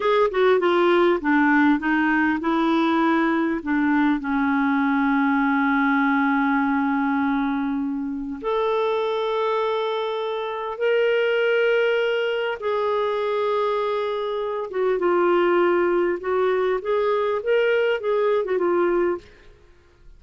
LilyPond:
\new Staff \with { instrumentName = "clarinet" } { \time 4/4 \tempo 4 = 100 gis'8 fis'8 f'4 d'4 dis'4 | e'2 d'4 cis'4~ | cis'1~ | cis'2 a'2~ |
a'2 ais'2~ | ais'4 gis'2.~ | gis'8 fis'8 f'2 fis'4 | gis'4 ais'4 gis'8. fis'16 f'4 | }